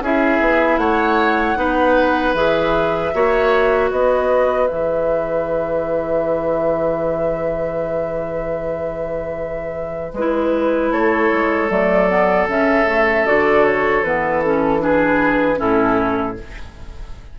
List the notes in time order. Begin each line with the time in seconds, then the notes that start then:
0.00 C#4 E4 G#4 E5
0.41 B3
0.77 A3 C#5 F#5
1.56 B3 D#4 B4
2.34 E3 G#4 E5
3.14 A#3 F#4 C#5
3.91 B3 B4 D#5
4.67 E3 G#4 E5
10.13 G#3 E4 B4
10.91 A3 A4 C#5
11.32 G#3
11.70 F#3 A3 D5
12.09 B3
12.47 C#3 C#4 E5
12.87 A3
13.26 D3 F#4 D5
13.65 C#5
14.03 E3 B3 B4
14.44 C#4 A4
14.79 D4 G#4 B4
15.56 A2 C#4 E4 A4